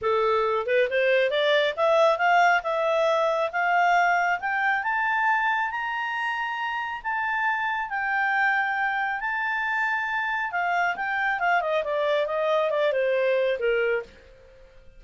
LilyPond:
\new Staff \with { instrumentName = "clarinet" } { \time 4/4 \tempo 4 = 137 a'4. b'8 c''4 d''4 | e''4 f''4 e''2 | f''2 g''4 a''4~ | a''4 ais''2. |
a''2 g''2~ | g''4 a''2. | f''4 g''4 f''8 dis''8 d''4 | dis''4 d''8 c''4. ais'4 | }